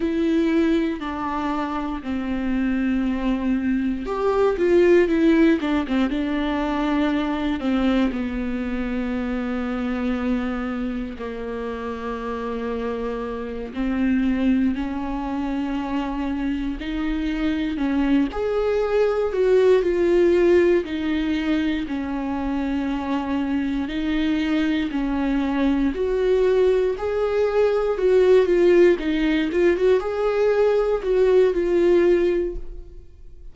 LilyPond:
\new Staff \with { instrumentName = "viola" } { \time 4/4 \tempo 4 = 59 e'4 d'4 c'2 | g'8 f'8 e'8 d'16 c'16 d'4. c'8 | b2. ais4~ | ais4. c'4 cis'4.~ |
cis'8 dis'4 cis'8 gis'4 fis'8 f'8~ | f'8 dis'4 cis'2 dis'8~ | dis'8 cis'4 fis'4 gis'4 fis'8 | f'8 dis'8 f'16 fis'16 gis'4 fis'8 f'4 | }